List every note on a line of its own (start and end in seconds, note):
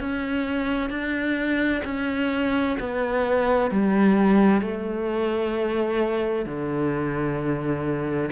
0.00 0.90 C#4
0.90 1.82 D4
1.84 2.77 C#4
2.79 3.70 B3
3.70 4.61 G3
4.61 6.45 A3
6.45 8.30 D3